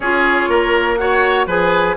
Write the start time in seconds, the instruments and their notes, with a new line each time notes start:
0.00 bassoon C#4, clarinet F4, oboe G#4, flute C#5
0.48 bassoon A#3, oboe A#4
0.96 clarinet F#4, oboe C#5, flute F#5
1.46 bassoon F3, clarinet G#4, oboe B4, flute G#5